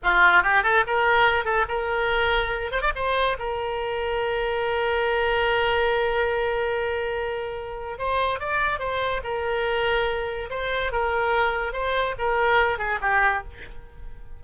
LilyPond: \new Staff \with { instrumentName = "oboe" } { \time 4/4 \tempo 4 = 143 f'4 g'8 a'8 ais'4. a'8 | ais'2~ ais'8 c''16 d''16 c''4 | ais'1~ | ais'1~ |
ais'2. c''4 | d''4 c''4 ais'2~ | ais'4 c''4 ais'2 | c''4 ais'4. gis'8 g'4 | }